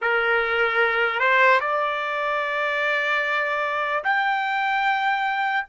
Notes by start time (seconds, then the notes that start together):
0.01 A#4
1.19 C5
1.60 D5
4.04 G5